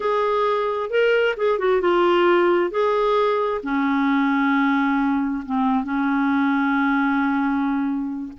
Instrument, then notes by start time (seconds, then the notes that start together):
clarinet
0.00 G#4
0.90 A#4
1.37 G#4
1.58 F#4
1.81 F4
2.71 G#4
3.63 C#4
5.45 C4
5.84 C#4